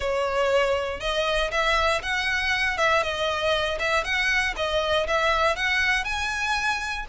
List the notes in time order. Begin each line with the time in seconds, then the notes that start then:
0.00 C#5
1.00 D#5
1.51 E5
2.02 F#5
2.77 E5
3.03 D#5
3.79 E5
4.03 F#5
4.56 D#5
5.07 E5
5.56 F#5
6.04 G#5